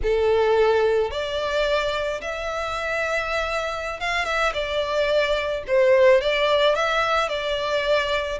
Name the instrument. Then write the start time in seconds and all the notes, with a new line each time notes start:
violin
0.03 A4
1.10 D5
2.21 E5
4.00 F5
4.25 E5
4.53 D5
5.67 C5
6.21 D5
6.75 E5
7.28 D5